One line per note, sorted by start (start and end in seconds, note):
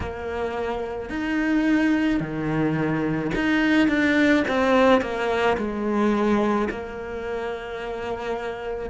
0.00 1.09 A#3
1.09 2.20 D#4
2.20 3.31 D#3
3.34 3.87 D#4
3.87 4.43 D4
4.47 5.01 C4
5.01 5.57 A#3
5.57 6.68 G#3
6.69 8.89 A#3